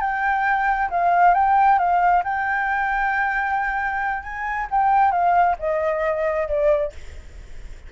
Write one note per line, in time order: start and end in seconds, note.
0.00 0.89 G5
0.90 1.34 F5
1.34 1.78 G5
1.78 2.23 F5
2.23 4.23 G5
4.23 4.67 G#5
4.70 5.11 G5
5.11 5.56 F5
5.59 6.47 D#5
6.47 6.92 D5